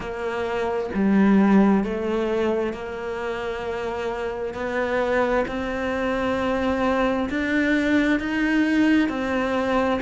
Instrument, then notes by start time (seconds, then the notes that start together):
cello
0.00 A#3
0.94 G3
1.84 A3
2.73 A#3
4.53 B3
5.47 C4
7.29 D4
8.19 D#4
9.09 C4